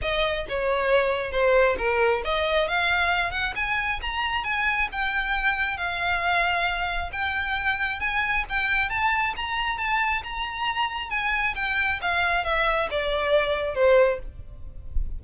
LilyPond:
\new Staff \with { instrumentName = "violin" } { \time 4/4 \tempo 4 = 135 dis''4 cis''2 c''4 | ais'4 dis''4 f''4. fis''8 | gis''4 ais''4 gis''4 g''4~ | g''4 f''2. |
g''2 gis''4 g''4 | a''4 ais''4 a''4 ais''4~ | ais''4 gis''4 g''4 f''4 | e''4 d''2 c''4 | }